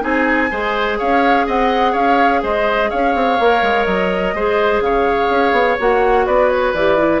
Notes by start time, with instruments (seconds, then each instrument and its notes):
0.00 bassoon C4, clarinet D#4, oboe G#4, flute G#5
0.51 bassoon G#3, clarinet G#4, oboe C5
0.98 bassoon C#4, oboe C#5, flute F5
1.46 bassoon C4, oboe D#5, flute F#5
1.92 bassoon C#4, oboe C#5, flute F5
2.42 bassoon G#3, oboe C5, flute D#5
2.90 bassoon C#4, oboe C#5, flute F5
3.15 bassoon C4
3.39 bassoon A#3, clarinet A#4
3.62 bassoon G#3
3.84 bassoon F#3, flute D#5
4.33 bassoon G#3, clarinet G#4, oboe C5
4.80 bassoon C#3, oboe C#5, flute F5
5.30 bassoon C#4
5.52 bassoon B3
5.79 bassoon A#3, clarinet F#4, flute F#5
6.26 bassoon B3, oboe B4, flute D5
6.48 flute C#5
6.73 bassoon E3, clarinet G4, flute D5
6.98 clarinet E4